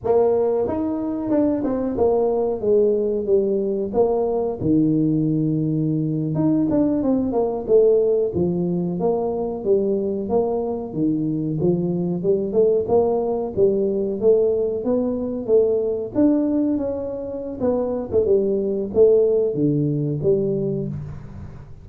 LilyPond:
\new Staff \with { instrumentName = "tuba" } { \time 4/4 \tempo 4 = 92 ais4 dis'4 d'8 c'8 ais4 | gis4 g4 ais4 dis4~ | dis4.~ dis16 dis'8 d'8 c'8 ais8 a16~ | a8. f4 ais4 g4 ais16~ |
ais8. dis4 f4 g8 a8 ais16~ | ais8. g4 a4 b4 a16~ | a8. d'4 cis'4~ cis'16 b8. a16 | g4 a4 d4 g4 | }